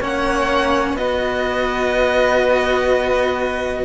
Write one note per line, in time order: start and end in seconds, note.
0.00 0.94 A#3
0.00 0.97 C#4
0.00 0.98 C#5
0.00 0.97 F#5
0.94 3.84 B3
0.94 3.85 F#4
0.94 3.85 B4
0.94 3.85 D#5